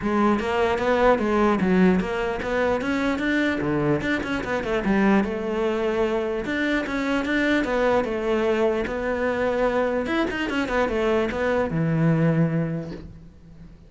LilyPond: \new Staff \with { instrumentName = "cello" } { \time 4/4 \tempo 4 = 149 gis4 ais4 b4 gis4 | fis4 ais4 b4 cis'4 | d'4 d4 d'8 cis'8 b8 a8 | g4 a2. |
d'4 cis'4 d'4 b4 | a2 b2~ | b4 e'8 dis'8 cis'8 b8 a4 | b4 e2. | }